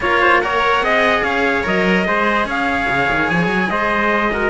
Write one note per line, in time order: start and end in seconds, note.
0.00 0.81 A#3
0.00 0.42 F4
0.00 0.21 A#4
0.00 0.41 C#5
0.21 0.41 C5
0.41 0.83 A#4
0.41 0.84 C#5
0.41 1.23 F#5
0.81 1.22 C4
0.81 1.63 G#4
0.81 1.23 D#5
1.23 1.64 C#4
1.23 2.06 C#5
1.23 1.64 F5
1.63 2.07 F#3
1.63 2.04 A#4
1.63 2.48 D#5
2.04 2.45 G#3
2.04 4.30 G#4
2.04 2.46 C5
2.45 2.86 C#4
2.45 3.69 C#5
2.45 3.29 F5
2.88 3.09 C#3
3.10 3.30 D#3
3.29 3.46 F3
3.29 3.70 G#5
3.46 3.67 F#3
3.70 4.49 G#3
3.70 4.33 C5
3.70 4.49 D#5
4.33 4.49 F#4
4.33 4.49 A#4